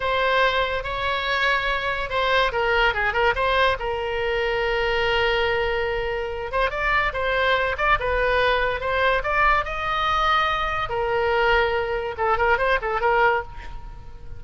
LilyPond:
\new Staff \with { instrumentName = "oboe" } { \time 4/4 \tempo 4 = 143 c''2 cis''2~ | cis''4 c''4 ais'4 gis'8 ais'8 | c''4 ais'2.~ | ais'2.~ ais'8 c''8 |
d''4 c''4. d''8 b'4~ | b'4 c''4 d''4 dis''4~ | dis''2 ais'2~ | ais'4 a'8 ais'8 c''8 a'8 ais'4 | }